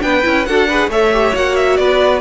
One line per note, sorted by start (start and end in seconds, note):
0.00 0.25 B3
0.00 0.22 D4
0.00 0.48 B4
0.00 0.46 G5
0.23 0.48 C#4
0.23 0.45 E4
0.46 0.88 D4
0.46 0.69 F#4
0.46 0.68 A4
0.46 0.90 F#5
0.68 0.92 G#4
0.68 0.90 B4
0.88 1.32 A3
0.88 1.13 A4
0.88 1.79 C#5
0.88 1.36 E5
1.13 1.34 G4
1.34 1.79 A#3
1.34 2.21 F#4
1.34 1.56 F#5
1.56 1.77 E5
1.77 2.21 B3
1.77 2.21 B4
1.77 2.21 D5